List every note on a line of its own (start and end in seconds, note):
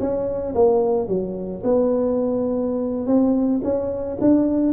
0.00 0.54 C#4
0.55 1.08 A#3
1.08 1.62 F#3
1.64 3.07 B3
3.07 3.61 C4
3.64 4.18 C#4
4.21 4.73 D4